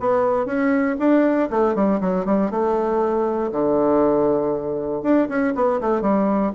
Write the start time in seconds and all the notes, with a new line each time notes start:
0.00 B3
0.46 C#4
0.99 D4
1.50 A3
1.75 G3
2.01 F#3
2.25 G3
2.50 A3
3.52 D3
5.03 D4
5.29 C#4
5.55 B3
5.81 A3
6.02 G3